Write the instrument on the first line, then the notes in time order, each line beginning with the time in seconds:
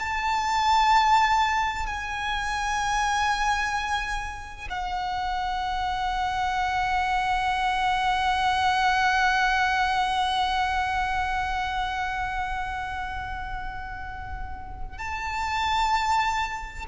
violin
0.00 A5
1.87 G#5
4.70 F#5
14.98 A5